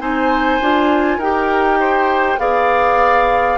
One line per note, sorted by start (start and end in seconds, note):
0.00 0.60 C4
0.00 0.60 D#4
0.00 1.18 C5
0.00 1.21 G#5
0.61 1.18 D4
0.61 1.22 F4
1.18 2.38 D#4
1.18 2.39 G4
1.18 1.78 A#4
1.18 2.40 G5
1.80 2.40 C5
2.39 3.58 B3
2.39 3.58 G#4
2.39 3.58 D5
2.39 3.58 F5